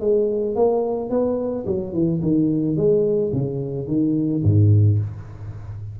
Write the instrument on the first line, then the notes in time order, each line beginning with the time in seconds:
tuba
0.00 G#3
0.55 A#3
1.10 B3
1.66 F#3
1.92 E3
2.22 D#3
2.76 G#3
3.32 C#3
3.87 D#3
4.43 G#2